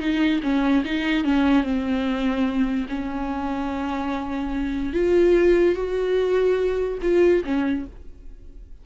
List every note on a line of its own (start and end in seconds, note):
0.00 0.41 D#4
0.43 0.84 C#4
0.85 1.24 D#4
1.24 1.64 C#4
1.64 2.87 C4
2.89 4.94 C#4
4.94 5.75 F4
5.75 6.99 F#4
7.02 7.43 F4
7.45 7.86 C#4